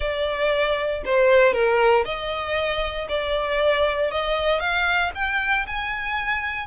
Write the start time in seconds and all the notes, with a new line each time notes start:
0.00 D5
1.05 C5
1.53 A#4
2.05 D#5
3.08 D5
4.11 D#5
4.59 F5
5.14 G5
5.66 G#5